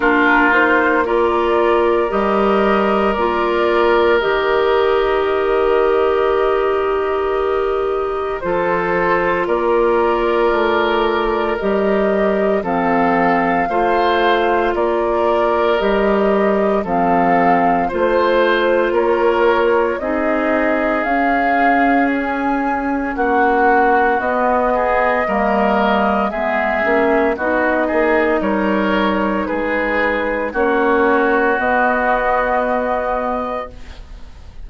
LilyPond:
<<
  \new Staff \with { instrumentName = "flute" } { \time 4/4 \tempo 4 = 57 ais'8 c''8 d''4 dis''4 d''4 | dis''1 | c''4 d''2 dis''4 | f''2 d''4 dis''4 |
f''4 c''4 cis''4 dis''4 | f''4 gis''4 fis''4 dis''4~ | dis''4 e''4 dis''4 cis''4 | b'4 cis''4 dis''2 | }
  \new Staff \with { instrumentName = "oboe" } { \time 4/4 f'4 ais'2.~ | ais'1 | a'4 ais'2. | a'4 c''4 ais'2 |
a'4 c''4 ais'4 gis'4~ | gis'2 fis'4. gis'8 | ais'4 gis'4 fis'8 gis'8 ais'4 | gis'4 fis'2. | }
  \new Staff \with { instrumentName = "clarinet" } { \time 4/4 d'8 dis'8 f'4 g'4 f'4 | g'1 | f'2. g'4 | c'4 f'2 g'4 |
c'4 f'2 dis'4 | cis'2. b4 | ais4 b8 cis'8 dis'2~ | dis'4 cis'4 b2 | }
  \new Staff \with { instrumentName = "bassoon" } { \time 4/4 ais2 g4 ais4 | dis1 | f4 ais4 a4 g4 | f4 a4 ais4 g4 |
f4 a4 ais4 c'4 | cis'2 ais4 b4 | g4 gis8 ais8 b8 ais8 g4 | gis4 ais4 b2 | }
>>